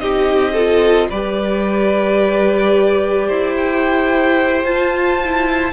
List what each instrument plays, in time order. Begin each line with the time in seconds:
0.00 cello C4, viola D#4, violin G4 D#5
0.54 viola F4, violin A4
1.10 cello G3, viola G4, violin B4 D5
3.28 cello E4, violin C5
3.56 violin G5
4.65 cello F4, viola F4, violin A5
5.25 viola E4